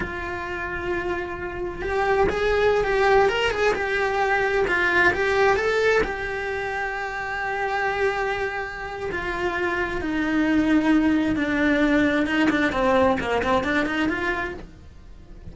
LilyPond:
\new Staff \with { instrumentName = "cello" } { \time 4/4 \tempo 4 = 132 f'1 | g'4 gis'4~ gis'16 g'4 ais'8 gis'16~ | gis'16 g'2 f'4 g'8.~ | g'16 a'4 g'2~ g'8.~ |
g'1 | f'2 dis'2~ | dis'4 d'2 dis'8 d'8 | c'4 ais8 c'8 d'8 dis'8 f'4 | }